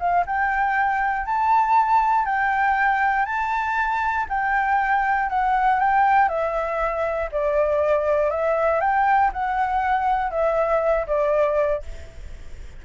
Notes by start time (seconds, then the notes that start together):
0.00 F5
0.27 G5
1.26 A5
2.26 G5
3.26 A5
4.29 G5
5.30 F#5
5.80 G5
6.29 E5
7.32 D5
8.31 E5
8.81 G5
9.33 F#5
10.31 E5
11.07 D5